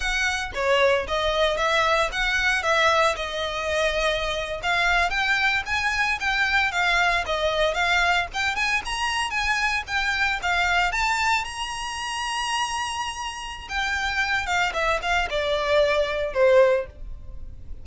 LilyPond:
\new Staff \with { instrumentName = "violin" } { \time 4/4 \tempo 4 = 114 fis''4 cis''4 dis''4 e''4 | fis''4 e''4 dis''2~ | dis''8. f''4 g''4 gis''4 g''16~ | g''8. f''4 dis''4 f''4 g''16~ |
g''16 gis''8 ais''4 gis''4 g''4 f''16~ | f''8. a''4 ais''2~ ais''16~ | ais''2 g''4. f''8 | e''8 f''8 d''2 c''4 | }